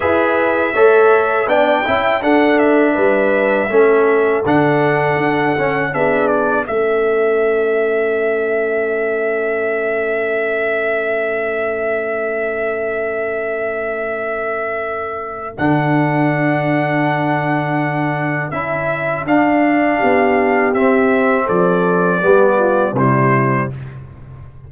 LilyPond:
<<
  \new Staff \with { instrumentName = "trumpet" } { \time 4/4 \tempo 4 = 81 e''2 g''4 fis''8 e''8~ | e''2 fis''2 | e''8 d''8 e''2.~ | e''1~ |
e''1~ | e''4 fis''2.~ | fis''4 e''4 f''2 | e''4 d''2 c''4 | }
  \new Staff \with { instrumentName = "horn" } { \time 4/4 b'4 cis''4 d''8 e''8 a'4 | b'4 a'2. | gis'4 a'2.~ | a'1~ |
a'1~ | a'1~ | a'2. g'4~ | g'4 a'4 g'8 f'8 e'4 | }
  \new Staff \with { instrumentName = "trombone" } { \time 4/4 gis'4 a'4 d'8 e'8 d'4~ | d'4 cis'4 d'4. cis'8 | d'4 cis'2.~ | cis'1~ |
cis'1~ | cis'4 d'2.~ | d'4 e'4 d'2 | c'2 b4 g4 | }
  \new Staff \with { instrumentName = "tuba" } { \time 4/4 e'4 a4 b8 cis'8 d'4 | g4 a4 d4 d'8 cis'8 | b4 a2.~ | a1~ |
a1~ | a4 d2.~ | d4 cis'4 d'4 b4 | c'4 f4 g4 c4 | }
>>